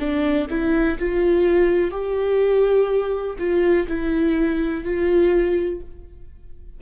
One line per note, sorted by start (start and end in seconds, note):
0.00 0.48 D4
0.50 0.99 E4
0.99 1.91 F4
1.91 3.37 G4
3.39 3.88 F4
3.88 4.84 E4
4.84 5.81 F4